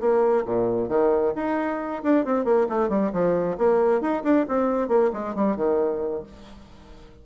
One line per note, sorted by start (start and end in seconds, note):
0.00 0.44 A#3
0.45 0.88 A#2
0.88 1.33 D#3
1.35 2.02 D#4
2.03 2.25 D4
2.25 2.44 C4
2.44 2.67 A#3
2.69 2.89 A3
2.89 3.11 G3
3.12 3.57 F3
3.58 4.01 A#3
4.01 4.23 D#4
4.23 4.46 D4
4.48 4.88 C4
4.88 5.10 A#3
5.13 5.35 G#3
5.35 5.56 G3
5.56 6.23 D#3